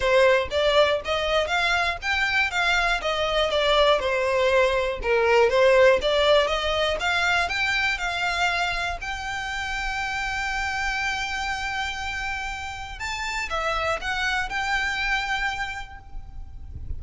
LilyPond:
\new Staff \with { instrumentName = "violin" } { \time 4/4 \tempo 4 = 120 c''4 d''4 dis''4 f''4 | g''4 f''4 dis''4 d''4 | c''2 ais'4 c''4 | d''4 dis''4 f''4 g''4 |
f''2 g''2~ | g''1~ | g''2 a''4 e''4 | fis''4 g''2. | }